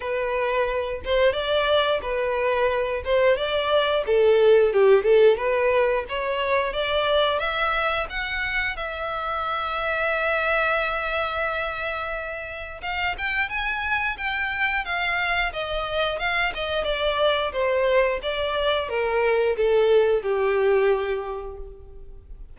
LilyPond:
\new Staff \with { instrumentName = "violin" } { \time 4/4 \tempo 4 = 89 b'4. c''8 d''4 b'4~ | b'8 c''8 d''4 a'4 g'8 a'8 | b'4 cis''4 d''4 e''4 | fis''4 e''2.~ |
e''2. f''8 g''8 | gis''4 g''4 f''4 dis''4 | f''8 dis''8 d''4 c''4 d''4 | ais'4 a'4 g'2 | }